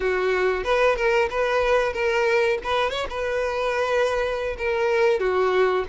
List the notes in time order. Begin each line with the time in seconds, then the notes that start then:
0.00 F#4
0.63 B4
0.96 A#4
1.30 B4
1.93 A#4
2.63 B4
2.90 C#5
3.09 B4
4.58 A#4
5.19 F#4